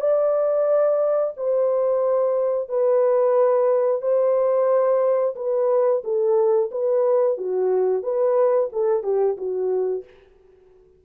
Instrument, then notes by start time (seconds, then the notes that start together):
horn
0.00 D5
1.37 C5
2.68 B4
4.01 C5
5.35 B4
6.03 A4
6.71 B4
7.37 F#4
8.02 B4
8.72 A4
9.03 G4
9.37 F#4